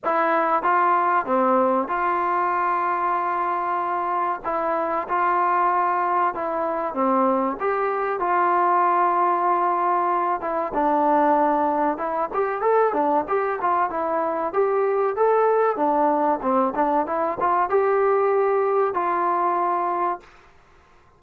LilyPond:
\new Staff \with { instrumentName = "trombone" } { \time 4/4 \tempo 4 = 95 e'4 f'4 c'4 f'4~ | f'2. e'4 | f'2 e'4 c'4 | g'4 f'2.~ |
f'8 e'8 d'2 e'8 g'8 | a'8 d'8 g'8 f'8 e'4 g'4 | a'4 d'4 c'8 d'8 e'8 f'8 | g'2 f'2 | }